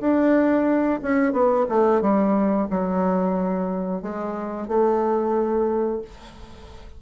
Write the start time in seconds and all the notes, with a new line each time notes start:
0.00 D4
1.02 C#4
1.32 B3
1.69 A3
2.01 G3
2.70 F#3
4.02 G#3
4.68 A3